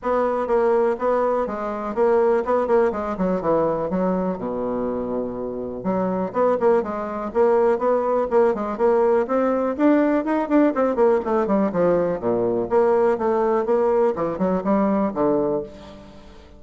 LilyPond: \new Staff \with { instrumentName = "bassoon" } { \time 4/4 \tempo 4 = 123 b4 ais4 b4 gis4 | ais4 b8 ais8 gis8 fis8 e4 | fis4 b,2. | fis4 b8 ais8 gis4 ais4 |
b4 ais8 gis8 ais4 c'4 | d'4 dis'8 d'8 c'8 ais8 a8 g8 | f4 ais,4 ais4 a4 | ais4 e8 fis8 g4 d4 | }